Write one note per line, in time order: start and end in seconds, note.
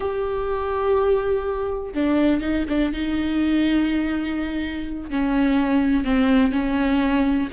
0.00 1.93 G4
1.94 2.41 D4
2.41 2.65 D#4
2.69 2.93 D4
2.93 5.10 D#4
5.10 6.04 C#4
6.04 6.52 C4
6.52 7.48 C#4